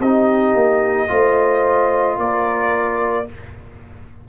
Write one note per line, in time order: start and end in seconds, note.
0.00 0.55 C4
0.00 1.08 D#4
0.00 1.10 G4
0.00 2.19 D#5
0.55 1.09 A#3
1.08 2.18 A3
1.08 3.26 F4
1.08 2.19 C5
2.18 3.27 A#3
2.18 3.28 A#4
2.18 3.29 D5